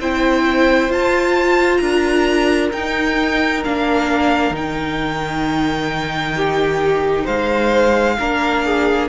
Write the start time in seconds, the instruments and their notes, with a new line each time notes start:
0.00 cello C4, viola E4, violin C5 G5
0.89 cello F4, viola F4, violin A5
1.77 cello D4, violin A#4 A#5
2.72 cello D#4, viola D#4, violin G5
3.64 cello A#3, viola D4, violin F5
4.50 cello D#3, viola D#4, violin G5
6.36 violin G4
7.24 cello G#3, violin C5 F5
8.19 cello A#3, viola D4, violin A#4
8.65 violin G#4